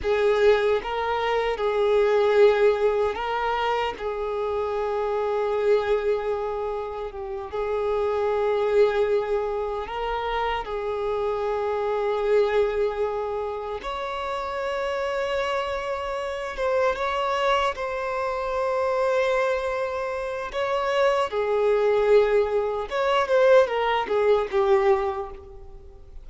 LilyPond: \new Staff \with { instrumentName = "violin" } { \time 4/4 \tempo 4 = 76 gis'4 ais'4 gis'2 | ais'4 gis'2.~ | gis'4 g'8 gis'2~ gis'8~ | gis'8 ais'4 gis'2~ gis'8~ |
gis'4. cis''2~ cis''8~ | cis''4 c''8 cis''4 c''4.~ | c''2 cis''4 gis'4~ | gis'4 cis''8 c''8 ais'8 gis'8 g'4 | }